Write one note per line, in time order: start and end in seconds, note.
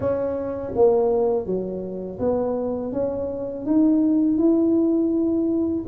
0.00 0.73 C#4
0.75 1.45 A#3
1.45 2.19 F#3
2.19 2.92 B3
2.92 3.65 C#4
3.65 4.37 D#4
4.37 5.84 E4